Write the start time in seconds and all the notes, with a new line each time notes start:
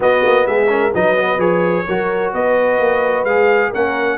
0.00 B3 F#4 D#5
0.24 A#3
0.46 G#3 G#4 E5
0.68 C#4 A#4
0.93 F#3 D#4 B4 D#5
1.16 B3
1.37 F3 G#4 C#5
1.87 F#3 F#4 A#4
2.33 B3 B4 D#5
2.79 A#3
3.24 G#3 G#4 F5
3.70 A#3 C#4 A#4 F#5